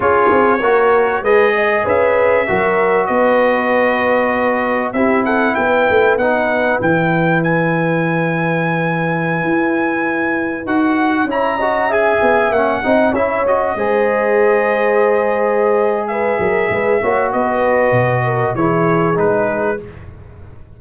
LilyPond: <<
  \new Staff \with { instrumentName = "trumpet" } { \time 4/4 \tempo 4 = 97 cis''2 dis''4 e''4~ | e''4 dis''2. | e''8 fis''8 g''4 fis''4 g''4 | gis''1~ |
gis''4~ gis''16 fis''4 ais''4 gis''8.~ | gis''16 fis''4 e''8 dis''2~ dis''16~ | dis''2 e''2 | dis''2 cis''4 b'4 | }
  \new Staff \with { instrumentName = "horn" } { \time 4/4 gis'4 ais'4 b'8 dis''8 b'4 | ais'4 b'2. | g'8 a'8 b'2.~ | b'1~ |
b'2~ b'16 cis''8 dis''8 e''8.~ | e''8. dis''8 cis''4 c''4.~ c''16~ | c''2 b'8 ais'8 b'8 cis''8 | b'4. ais'8 gis'2 | }
  \new Staff \with { instrumentName = "trombone" } { \time 4/4 f'4 fis'4 gis'2 | fis'1 | e'2 dis'4 e'4~ | e'1~ |
e'4~ e'16 fis'4 e'8 fis'8 gis'8.~ | gis'16 cis'8 dis'8 e'8 fis'8 gis'4.~ gis'16~ | gis'2.~ gis'8 fis'8~ | fis'2 e'4 dis'4 | }
  \new Staff \with { instrumentName = "tuba" } { \time 4/4 cis'8 c'8 ais4 gis4 cis'4 | fis4 b2. | c'4 b8 a8 b4 e4~ | e2.~ e16 e'8.~ |
e'4~ e'16 dis'4 cis'4. b16~ | b16 ais8 c'8 cis'4 gis4.~ gis16~ | gis2~ gis8 fis8 gis8 ais8 | b4 b,4 e4 gis4 | }
>>